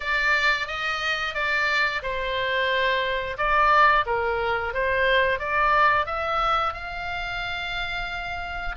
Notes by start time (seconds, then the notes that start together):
0.00 D5
0.67 D#5
1.34 D5
2.02 C5
3.37 D5
4.06 A#4
4.73 C5
5.39 D5
6.06 E5
6.73 F5